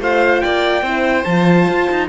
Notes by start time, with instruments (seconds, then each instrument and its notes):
0.00 cello A3, horn F4, violin C5, trumpet F5
0.41 cello A#3, violin D5, trumpet G5
0.82 cello C4, horn E4, violin C5
1.25 cello F3, horn F4, trumpet A5
1.69 cello F4
1.91 cello D#4